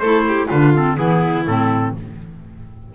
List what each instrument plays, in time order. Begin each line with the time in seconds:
0.00 double bass A3, clarinet E4, violin A4, trumpet C5
0.28 violin G4
0.48 double bass D3, clarinet D4, violin F4, trumpet B4
0.75 clarinet C4, trumpet A4
0.98 double bass E3, clarinet B3, violin E4, trumpet G#4
1.47 double bass A2, clarinet C4, trumpet A4